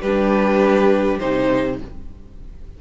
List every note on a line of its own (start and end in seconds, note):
0.00 1.19 G3
0.00 1.75 G4
0.00 1.18 B4
0.06 1.20 D4
1.19 1.81 C3
1.19 1.79 D#4
1.19 1.77 C5